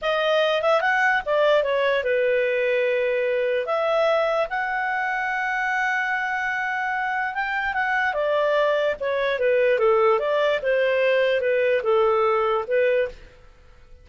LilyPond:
\new Staff \with { instrumentName = "clarinet" } { \time 4/4 \tempo 4 = 147 dis''4. e''8 fis''4 d''4 | cis''4 b'2.~ | b'4 e''2 fis''4~ | fis''1~ |
fis''2 g''4 fis''4 | d''2 cis''4 b'4 | a'4 d''4 c''2 | b'4 a'2 b'4 | }